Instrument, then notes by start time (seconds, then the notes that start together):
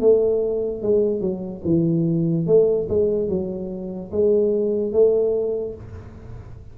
tuba
0.00 A3
0.82 G#3
1.21 F#3
1.64 E3
2.46 A3
2.89 G#3
3.28 F#3
4.11 G#3
4.92 A3